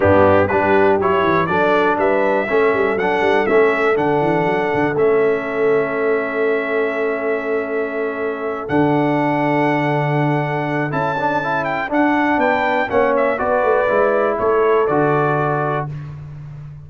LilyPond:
<<
  \new Staff \with { instrumentName = "trumpet" } { \time 4/4 \tempo 4 = 121 g'4 b'4 cis''4 d''4 | e''2 fis''4 e''4 | fis''2 e''2~ | e''1~ |
e''4. fis''2~ fis''8~ | fis''2 a''4. g''8 | fis''4 g''4 fis''8 e''8 d''4~ | d''4 cis''4 d''2 | }
  \new Staff \with { instrumentName = "horn" } { \time 4/4 d'4 g'2 a'4 | b'4 a'2.~ | a'1~ | a'1~ |
a'1~ | a'1~ | a'4 b'4 cis''4 b'4~ | b'4 a'2. | }
  \new Staff \with { instrumentName = "trombone" } { \time 4/4 b4 d'4 e'4 d'4~ | d'4 cis'4 d'4 cis'4 | d'2 cis'2~ | cis'1~ |
cis'4. d'2~ d'8~ | d'2 e'8 d'8 e'4 | d'2 cis'4 fis'4 | e'2 fis'2 | }
  \new Staff \with { instrumentName = "tuba" } { \time 4/4 g,4 g4 fis8 e8 fis4 | g4 a8 g8 fis8 g8 a4 | d8 e8 fis8 d8 a2~ | a1~ |
a4. d2~ d8~ | d2 cis'2 | d'4 b4 ais4 b8 a8 | gis4 a4 d2 | }
>>